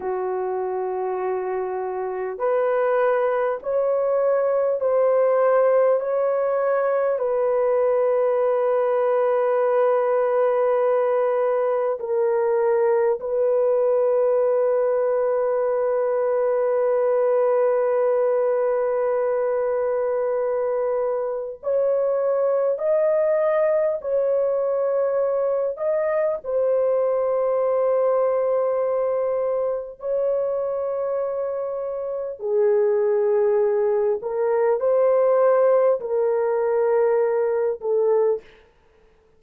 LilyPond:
\new Staff \with { instrumentName = "horn" } { \time 4/4 \tempo 4 = 50 fis'2 b'4 cis''4 | c''4 cis''4 b'2~ | b'2 ais'4 b'4~ | b'1~ |
b'2 cis''4 dis''4 | cis''4. dis''8 c''2~ | c''4 cis''2 gis'4~ | gis'8 ais'8 c''4 ais'4. a'8 | }